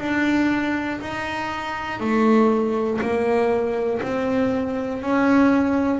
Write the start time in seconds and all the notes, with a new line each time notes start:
0.00 D4
1.01 D#4
2.00 A3
3.01 A#3
4.02 C4
5.02 C#4